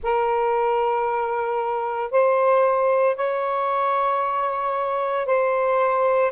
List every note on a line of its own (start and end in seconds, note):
0.02 2.11 A#4
2.11 3.16 C5
3.16 5.26 C#5
5.26 6.31 C5